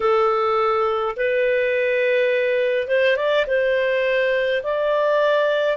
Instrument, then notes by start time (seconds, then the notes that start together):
clarinet
0.00 A4
1.16 B4
2.87 C5
3.16 D5
3.46 C5
4.63 D5